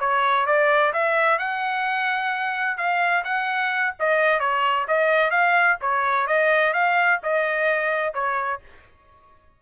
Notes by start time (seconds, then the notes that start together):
0.00 C#5
0.46 D5
0.93 E5
1.39 F#5
2.77 F5
3.24 F#5
3.99 D#5
4.40 C#5
4.88 D#5
5.31 F5
5.81 C#5
6.27 D#5
6.73 F5
7.23 D#5
8.14 C#5